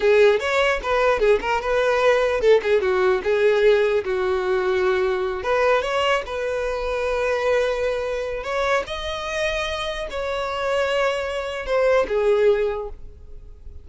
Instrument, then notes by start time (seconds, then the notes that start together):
violin
0.00 G#4
0.39 C#5
0.83 B4
1.19 G#4
1.41 A#4
1.61 B4
2.41 A4
2.62 G#4
2.81 F#4
3.23 G#4
4.04 F#4
5.43 B4
5.82 C#5
6.26 B4
8.43 C#5
8.86 D#5
10.10 C#5
11.66 C5
12.08 G#4